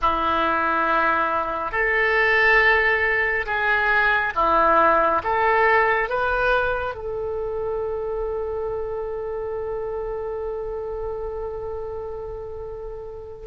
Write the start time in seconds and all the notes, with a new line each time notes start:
0.01 E4
1.72 A4
3.46 G#4
4.35 E4
5.23 A4
6.09 B4
6.94 A4